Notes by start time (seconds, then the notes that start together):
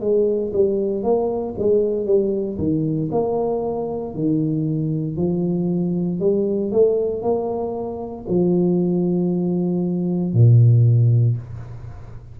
0.00 G#3
0.53 G3
1.03 A#3
1.58 G#3
2.05 G3
2.58 D#3
3.11 A#3
4.14 D#3
5.16 F3
6.20 G3
6.71 A3
7.22 A#3
8.28 F3
10.33 A#2